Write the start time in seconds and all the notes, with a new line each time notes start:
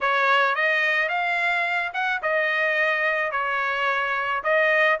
0.00 C#5
0.55 D#5
1.08 F5
1.93 F#5
2.22 D#5
3.31 C#5
4.43 D#5